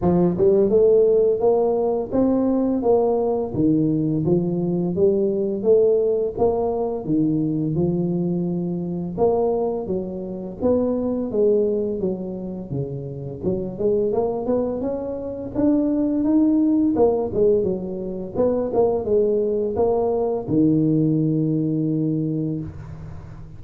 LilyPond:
\new Staff \with { instrumentName = "tuba" } { \time 4/4 \tempo 4 = 85 f8 g8 a4 ais4 c'4 | ais4 dis4 f4 g4 | a4 ais4 dis4 f4~ | f4 ais4 fis4 b4 |
gis4 fis4 cis4 fis8 gis8 | ais8 b8 cis'4 d'4 dis'4 | ais8 gis8 fis4 b8 ais8 gis4 | ais4 dis2. | }